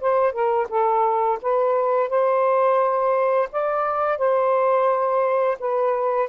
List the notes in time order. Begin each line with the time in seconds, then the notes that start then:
0.00 C5
0.32 A#4
0.69 A4
1.41 B4
2.09 C5
3.51 D5
4.18 C5
5.59 B4